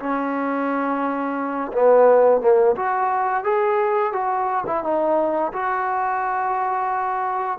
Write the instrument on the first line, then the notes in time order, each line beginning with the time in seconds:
trombone
0.00 C#4
1.73 B3
2.41 A#3
2.76 F#4
3.44 G#4
4.13 F#4
4.67 E4
4.84 D#4
5.53 F#4